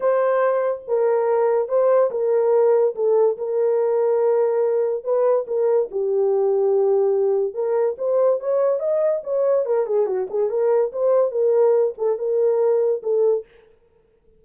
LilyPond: \new Staff \with { instrumentName = "horn" } { \time 4/4 \tempo 4 = 143 c''2 ais'2 | c''4 ais'2 a'4 | ais'1 | b'4 ais'4 g'2~ |
g'2 ais'4 c''4 | cis''4 dis''4 cis''4 ais'8 gis'8 | fis'8 gis'8 ais'4 c''4 ais'4~ | ais'8 a'8 ais'2 a'4 | }